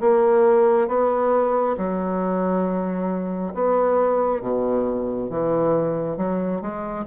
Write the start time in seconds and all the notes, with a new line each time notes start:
0.00 A#3
0.88 B3
1.77 F#3
3.54 B3
4.41 B2
5.30 E3
6.17 F#3
6.61 G#3